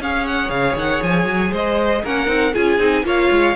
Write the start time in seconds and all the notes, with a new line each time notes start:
0.00 C#4 G#4 C#5 F5
0.26 F#5
0.49 C#3 F5
0.75 D#3 F#5
1.03 F3 G#5
1.25 F#3
1.51 G#3 C5 D#5
2.03 A#3 C#4 A#4 F#5
2.26 C4 D#4
2.53 C#4 F4 G#4 G#5
2.78 C4 D#4
3.03 A#3 F4 C#5 F5
3.31 G#3